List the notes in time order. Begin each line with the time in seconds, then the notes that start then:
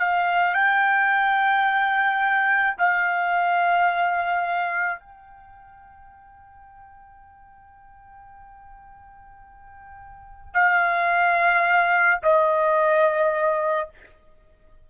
0.00 F5
0.55 G5
2.78 F5
5.00 G5
10.55 F5
12.23 D#5